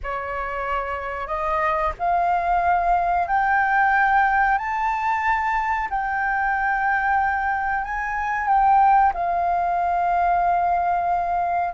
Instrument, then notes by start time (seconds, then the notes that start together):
flute
0.03 C#5
1.27 D#5
1.98 F5
3.27 G5
4.58 A5
5.90 G5
7.84 G#5
8.47 G5
9.13 F5